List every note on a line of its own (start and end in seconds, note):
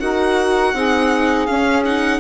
0.00 0.73 D#4
0.00 0.75 F#4
0.00 0.74 A#4
0.00 1.46 F#5
0.73 1.47 C4
0.73 1.48 D#4
0.73 2.20 G#4
1.46 1.85 C#4
1.46 2.20 C#4
1.46 1.83 F5
1.85 2.20 D#4
1.85 2.20 F#5